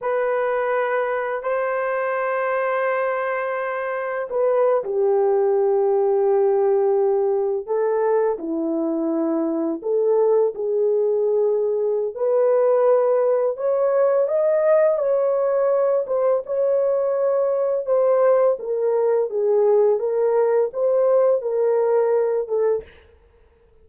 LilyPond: \new Staff \with { instrumentName = "horn" } { \time 4/4 \tempo 4 = 84 b'2 c''2~ | c''2 b'8. g'4~ g'16~ | g'2~ g'8. a'4 e'16~ | e'4.~ e'16 a'4 gis'4~ gis'16~ |
gis'4 b'2 cis''4 | dis''4 cis''4. c''8 cis''4~ | cis''4 c''4 ais'4 gis'4 | ais'4 c''4 ais'4. a'8 | }